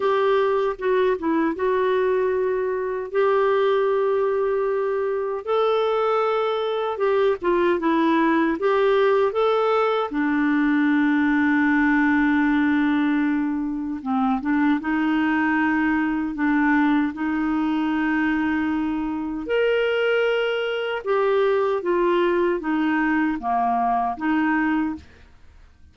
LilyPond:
\new Staff \with { instrumentName = "clarinet" } { \time 4/4 \tempo 4 = 77 g'4 fis'8 e'8 fis'2 | g'2. a'4~ | a'4 g'8 f'8 e'4 g'4 | a'4 d'2.~ |
d'2 c'8 d'8 dis'4~ | dis'4 d'4 dis'2~ | dis'4 ais'2 g'4 | f'4 dis'4 ais4 dis'4 | }